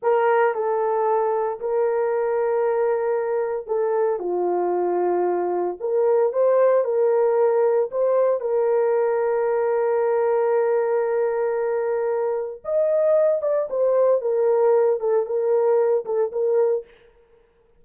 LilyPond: \new Staff \with { instrumentName = "horn" } { \time 4/4 \tempo 4 = 114 ais'4 a'2 ais'4~ | ais'2. a'4 | f'2. ais'4 | c''4 ais'2 c''4 |
ais'1~ | ais'1 | dis''4. d''8 c''4 ais'4~ | ais'8 a'8 ais'4. a'8 ais'4 | }